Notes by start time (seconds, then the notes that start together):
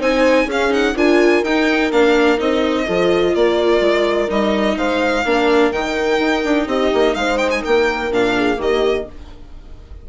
0.00 C4 D#4 C5 G#5
0.46 C#4 G#4 F5
0.52 C#4
0.70 D#4 F#5
0.96 D4 F4 A#4 G#5
1.43 D#4 G5
1.92 A#3 D4 F5
2.38 C4 D#4 D#5
2.86 F3 F4 A4
3.35 A#3 A#4 D5
3.81 G#3
4.28 G3 D#4 D#5
4.77 G#3 C5 F5
5.25 A#3 D4 A#4
5.72 D#3 D#4 G5
6.19 D#4
6.45 D4
6.67 C4 G4 D#5
6.94 A#3
7.15 G#3 C5 F5
7.38 G5
7.51 G#5
7.62 A#3 A#4 G5
8.12 A#2 D4 F5
8.36 G#4
8.57 D#3 A#3 G4 D#5